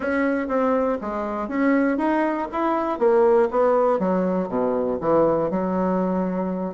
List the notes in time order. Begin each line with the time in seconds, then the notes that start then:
0.00 C#4
0.47 C4
1.01 G#3
1.48 C#4
1.97 D#4
2.52 E4
2.99 A#3
3.50 B3
3.99 F#3
4.48 B2
5.00 E3
5.50 F#3